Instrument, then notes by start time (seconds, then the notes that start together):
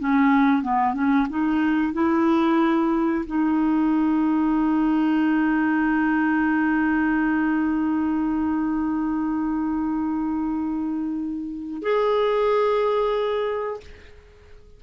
clarinet
0.00 C#4
0.63 B3
0.94 C#4
1.30 D#4
1.93 E4
3.27 D#4
11.83 G#4